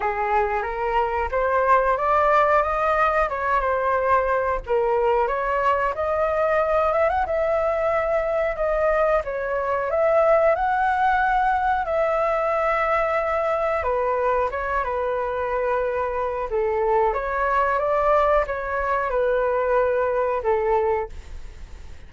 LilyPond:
\new Staff \with { instrumentName = "flute" } { \time 4/4 \tempo 4 = 91 gis'4 ais'4 c''4 d''4 | dis''4 cis''8 c''4. ais'4 | cis''4 dis''4. e''16 fis''16 e''4~ | e''4 dis''4 cis''4 e''4 |
fis''2 e''2~ | e''4 b'4 cis''8 b'4.~ | b'4 a'4 cis''4 d''4 | cis''4 b'2 a'4 | }